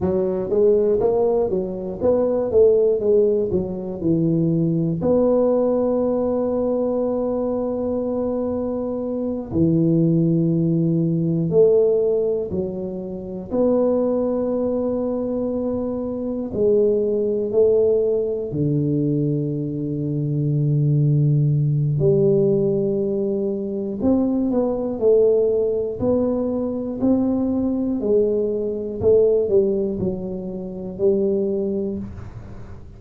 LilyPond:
\new Staff \with { instrumentName = "tuba" } { \time 4/4 \tempo 4 = 60 fis8 gis8 ais8 fis8 b8 a8 gis8 fis8 | e4 b2.~ | b4. e2 a8~ | a8 fis4 b2~ b8~ |
b8 gis4 a4 d4.~ | d2 g2 | c'8 b8 a4 b4 c'4 | gis4 a8 g8 fis4 g4 | }